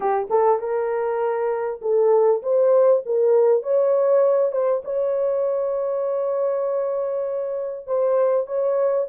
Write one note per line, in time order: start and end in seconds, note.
0.00 0.28 G4
0.30 0.59 A4
0.59 1.80 A#4
1.81 2.42 A4
2.42 3.02 C5
3.05 3.62 A#4
3.62 4.52 C#5
4.52 4.82 C5
4.84 7.87 C#5
7.87 8.47 C5
8.47 9.07 C#5